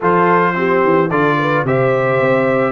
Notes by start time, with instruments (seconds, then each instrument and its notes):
0.00 tuba F3, trombone F4, horn A4, trumpet C5
0.54 trombone C4, horn G4
0.83 tuba E3
1.09 tuba D3, trombone F4, horn A4, trumpet D5
1.39 horn B4
1.64 tuba C3, trombone G4, horn C5, trumpet E5
2.20 tuba C4